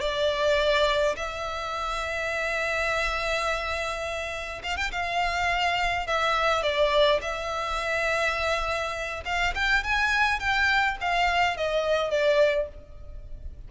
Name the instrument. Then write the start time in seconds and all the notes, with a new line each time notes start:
violin
0.00 D5
1.16 E5
4.63 F5
4.76 G5
4.91 F5
6.07 E5
6.62 D5
7.21 E5
9.25 F5
9.55 G5
9.83 G#5
10.39 G5
11.00 F5
11.57 D#5
12.10 D5